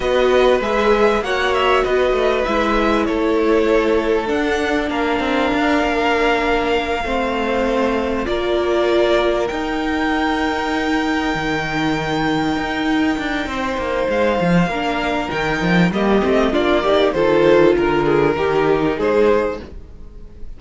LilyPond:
<<
  \new Staff \with { instrumentName = "violin" } { \time 4/4 \tempo 4 = 98 dis''4 e''4 fis''8 e''8 dis''4 | e''4 cis''2 fis''4 | f''1~ | f''4. d''2 g''8~ |
g''1~ | g''2. f''4~ | f''4 g''4 dis''4 d''4 | c''4 ais'2 c''4 | }
  \new Staff \with { instrumentName = "violin" } { \time 4/4 b'2 cis''4 b'4~ | b'4 a'2. | ais'2.~ ais'8 c''8~ | c''4. ais'2~ ais'8~ |
ais'1~ | ais'2 c''2 | ais'2 g'4 f'8 g'8 | a'4 ais'8 gis'8 g'4 gis'4 | }
  \new Staff \with { instrumentName = "viola" } { \time 4/4 fis'4 gis'4 fis'2 | e'2. d'4~ | d'2.~ d'8 c'8~ | c'4. f'2 dis'8~ |
dis'1~ | dis'1 | d'4 dis'4 ais8 c'8 d'8 dis'8 | f'2 dis'2 | }
  \new Staff \with { instrumentName = "cello" } { \time 4/4 b4 gis4 ais4 b8 a8 | gis4 a2 d'4 | ais8 c'8 d'8 ais2 a8~ | a4. ais2 dis'8~ |
dis'2~ dis'8 dis4.~ | dis8 dis'4 d'8 c'8 ais8 gis8 f8 | ais4 dis8 f8 g8 a8 ais4 | dis4 d4 dis4 gis4 | }
>>